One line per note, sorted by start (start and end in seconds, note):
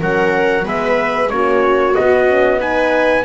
0.00 0.65 F#3
0.00 0.63 C#4
0.00 0.65 A#4
0.00 0.67 F#5
0.63 1.30 G#3
0.63 1.28 B3
0.63 1.31 B4
0.63 1.29 E5
1.28 1.96 A#3
1.28 1.93 C#4
1.28 2.60 F#4
1.28 1.95 C#5
1.95 2.27 B3
1.95 3.24 B3
1.95 2.60 D#5
2.27 2.58 C#4
2.58 3.24 D#4
2.58 3.24 B4
2.58 3.24 G#5